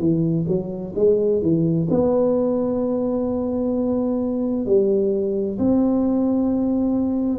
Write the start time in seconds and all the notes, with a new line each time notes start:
0.00 E3
0.48 F#3
0.96 G#3
1.42 E3
1.91 B3
4.67 G3
5.59 C4